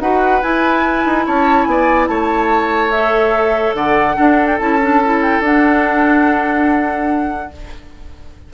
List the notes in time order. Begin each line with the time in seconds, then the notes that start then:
0.00 D#4 F#4 B4 F#5
0.42 E4 G#5
1.06 D#4
1.26 C#4 C#5 A5
1.64 B3 G#5
1.71 D5
2.08 A3 C#5 A5
2.91 A4 E5
3.74 D3 D5 F#5
4.16 D4 A4
4.47 G5
4.59 C#4 E4 A5
4.82 D4
5.05 E4
5.22 G5
5.40 D4 F#5